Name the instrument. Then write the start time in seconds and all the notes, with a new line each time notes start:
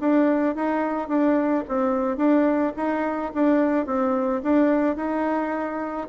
bassoon
0.00 D4
0.55 D#4
1.08 D4
1.68 C4
2.17 D4
2.77 D#4
3.34 D4
3.86 C4
4.43 D4
4.96 D#4